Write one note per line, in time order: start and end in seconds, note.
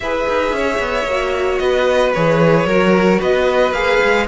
0.00 0.27 E4
0.00 1.09 G#4
0.00 0.55 B4
0.00 1.58 E5
0.28 0.52 D#4
0.52 0.79 C#4
0.52 1.62 C#5
0.79 1.05 B3
1.05 1.58 A#3
1.05 2.15 F#4
1.58 2.13 B3
1.58 2.66 B4
1.58 2.12 D#5
2.13 2.65 E3
2.13 2.69 G#4
2.13 3.20 C#5
2.65 3.18 F#3
2.65 3.73 F#4
2.65 3.19 A#4
3.19 3.72 B3
3.19 4.26 B4
3.19 3.72 D#5
3.72 3.99 A#3
3.72 4.27 G#4
3.72 4.26 F5
4.03 4.27 G#3